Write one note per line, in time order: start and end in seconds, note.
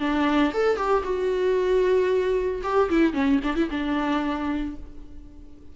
0.00 0.53 D4
0.54 0.77 A4
0.77 1.03 G4
1.04 2.62 F#4
2.63 2.89 G4
2.90 3.14 E4
3.14 3.40 C#4
3.44 3.56 D4
3.56 3.69 E4
3.71 4.76 D4